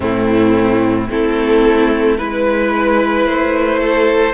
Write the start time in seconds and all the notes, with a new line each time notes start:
0.00 A2 A3 C4 E4
1.09 A3 C4 E4 A4
2.17 G#3 E4 B4
3.26 A3 C5
3.79 A4